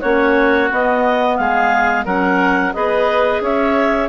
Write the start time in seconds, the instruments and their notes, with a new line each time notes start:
0.00 bassoon A#3, clarinet C#4 C#5, oboe F#4
0.70 clarinet B3 D#5, bassoon B3
1.36 bassoon G#3, oboe G#4, clarinet F5
2.05 bassoon F#3, clarinet C#4 F#5, oboe A#4
2.73 bassoon B3, clarinet G#4 D#5, oboe B4
3.40 bassoon C#4, oboe C#5, clarinet E5